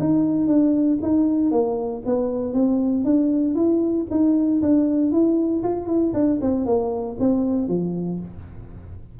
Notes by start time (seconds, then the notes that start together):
0.00 D#4
0.47 D4
1.02 D#4
1.51 A#3
2.06 B3
2.53 C4
3.05 D4
3.55 E4
4.11 D#4
4.62 D4
5.12 E4
5.63 F4
5.87 E4
6.14 D4
6.41 C4
6.66 A#3
7.20 C4
7.68 F3